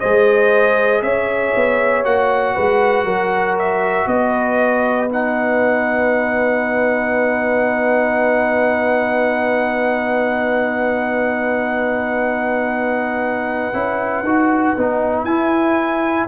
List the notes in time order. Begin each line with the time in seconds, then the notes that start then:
0.00 G#3 G#4 C5 D#5
1.02 C#4 C#5 E5
1.56 B3
2.04 A#3 F#4 F#5
2.55 G#3 B4
3.04 F#3 A#4
3.59 E5
4.07 B3 B4 D#5
5.10 D#4 F#5
13.74 C#4 E4
14.23 D#4 F#4
14.77 B3 D#4
15.25 E4 G#5